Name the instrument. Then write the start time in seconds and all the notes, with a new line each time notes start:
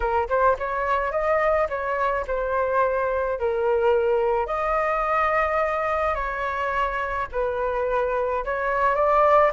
flute
0.00 A#4
0.29 C5
0.58 C#5
1.11 D#5
1.69 C#5
2.27 C5
3.39 A#4
4.46 D#5
6.14 C#5
7.32 B4
8.44 C#5
8.95 D5